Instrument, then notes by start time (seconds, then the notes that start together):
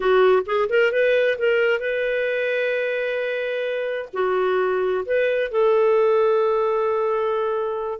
clarinet
0.00 F#4
0.46 G#4
0.69 A#4
0.92 B4
1.38 A#4
1.79 B4
4.13 F#4
5.05 B4
5.51 A4